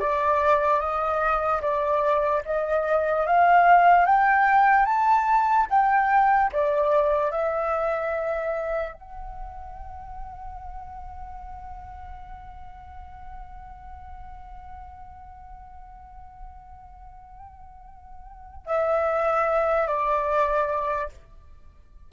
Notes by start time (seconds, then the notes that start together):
0.00 D5
0.80 D#5
1.61 D5
2.45 D#5
3.26 F5
4.05 G5
4.85 A5
5.70 G5
6.52 D5
7.31 E5
8.94 F#5
18.66 E5
19.87 D5